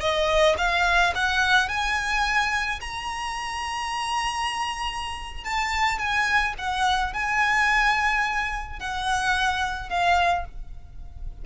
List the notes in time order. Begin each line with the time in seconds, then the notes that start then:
0.00 D#5
0.58 F5
1.15 F#5
1.69 G#5
2.81 A#5
5.44 A5
5.98 G#5
6.58 F#5
7.13 G#5
8.79 F#5
9.89 F5